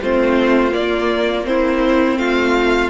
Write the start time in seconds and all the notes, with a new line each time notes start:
0.00 A3 C4 F4 C5
0.71 A#3 D5
1.44 C4 E4 C5
2.17 A3 F4 F5